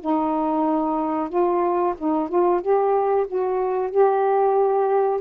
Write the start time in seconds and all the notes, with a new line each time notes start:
0.00 D#4
1.29 F4
1.98 D#4
2.29 F4
2.61 G4
3.27 F#4
3.90 G4